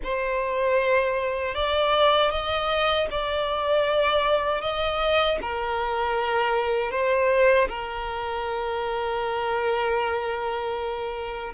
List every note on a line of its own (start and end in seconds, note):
0.03 1.54 C5
1.54 2.30 D5
2.30 3.07 D#5
3.10 4.61 D5
4.61 5.38 D#5
5.41 6.91 A#4
6.91 7.68 C5
7.68 11.53 A#4